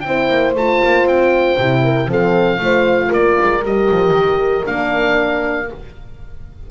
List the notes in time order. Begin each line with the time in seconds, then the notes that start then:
0.00 C4 E4 C5 G5
0.29 A#3
0.54 A3 F4 A5
0.84 A#3
1.04 C4 G5
1.58 C3 E4
1.83 A#4
2.07 F3 C4 A4 F5
2.58 A3 F4 C5
3.08 A#3 A#4 D5
3.41 G#3
3.63 G3 G4 D#5
3.90 F3
4.10 D#3
4.65 A#3 D4 F5